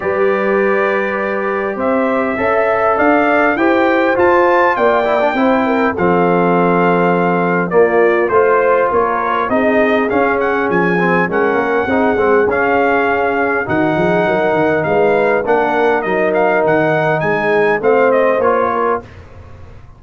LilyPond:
<<
  \new Staff \with { instrumentName = "trumpet" } { \time 4/4 \tempo 4 = 101 d''2. e''4~ | e''4 f''4 g''4 a''4 | g''2 f''2~ | f''4 d''4 c''4 cis''4 |
dis''4 f''8 fis''8 gis''4 fis''4~ | fis''4 f''2 fis''4~ | fis''4 f''4 fis''4 dis''8 f''8 | fis''4 gis''4 f''8 dis''8 cis''4 | }
  \new Staff \with { instrumentName = "horn" } { \time 4/4 b'2. c''4 | e''4 d''4 c''2 | d''4 c''8 ais'8 a'2~ | a'4 f'4 c''4 ais'4 |
gis'2. ais'4 | gis'2. fis'8 gis'8 | ais'4 b'4 ais'2~ | ais'4 gis'4 c''4. ais'8 | }
  \new Staff \with { instrumentName = "trombone" } { \time 4/4 g'1 | a'2 g'4 f'4~ | f'8 e'16 d'16 e'4 c'2~ | c'4 ais4 f'2 |
dis'4 cis'4. c'8 cis'4 | dis'8 c'8 cis'2 dis'4~ | dis'2 d'4 dis'4~ | dis'2 c'4 f'4 | }
  \new Staff \with { instrumentName = "tuba" } { \time 4/4 g2. c'4 | cis'4 d'4 e'4 f'4 | ais4 c'4 f2~ | f4 ais4 a4 ais4 |
c'4 cis'4 f4 gis8 ais8 | c'8 gis8 cis'2 dis8 f8 | fis8 dis8 gis4 ais4 fis4 | dis4 gis4 a4 ais4 | }
>>